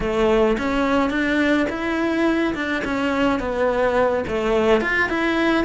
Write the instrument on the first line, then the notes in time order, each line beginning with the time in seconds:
cello
0.00 A3
0.58 C#4
1.10 D4
1.69 E4
2.54 D4
2.84 C#4
3.39 B3
4.27 A3
4.80 F4
5.09 E4